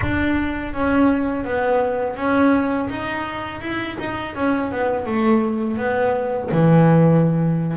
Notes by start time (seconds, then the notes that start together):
0.01 D4
0.73 C#4
1.44 B3
2.16 C#4
2.89 D#4
3.61 E4
3.99 D#4
4.35 C#4
4.71 B3
5.06 A3
5.77 B3
6.51 E3